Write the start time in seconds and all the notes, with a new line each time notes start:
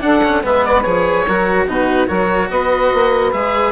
0.00 D4 A4 F#5
0.24 C#4
0.43 G#3 B3 B4 E5
0.65 D5
0.82 F3 G#4 C#5
1.26 F#3 F#4 A#4
1.67 B2 D#4 F#4 B4
2.07 F#3 F#4 A#4 C#5
2.50 B3 B4 D#5
2.94 A#3
3.32 G#3 G#4 E5